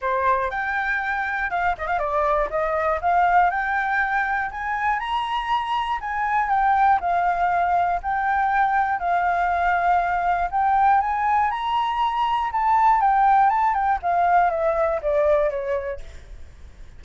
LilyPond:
\new Staff \with { instrumentName = "flute" } { \time 4/4 \tempo 4 = 120 c''4 g''2 f''8 dis''16 f''16 | d''4 dis''4 f''4 g''4~ | g''4 gis''4 ais''2 | gis''4 g''4 f''2 |
g''2 f''2~ | f''4 g''4 gis''4 ais''4~ | ais''4 a''4 g''4 a''8 g''8 | f''4 e''4 d''4 cis''4 | }